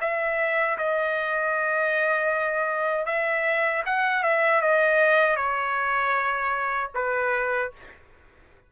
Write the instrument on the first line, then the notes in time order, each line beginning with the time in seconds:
trumpet
0.00 E5
0.77 D#5
3.06 E5
3.85 F#5
4.23 E5
4.61 D#5
5.36 C#5
6.94 B4